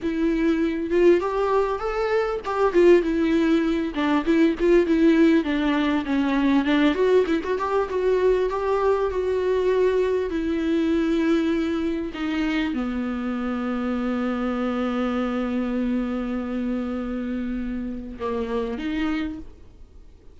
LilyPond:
\new Staff \with { instrumentName = "viola" } { \time 4/4 \tempo 4 = 99 e'4. f'8 g'4 a'4 | g'8 f'8 e'4. d'8 e'8 f'8 | e'4 d'4 cis'4 d'8 fis'8 | e'16 fis'16 g'8 fis'4 g'4 fis'4~ |
fis'4 e'2. | dis'4 b2.~ | b1~ | b2 ais4 dis'4 | }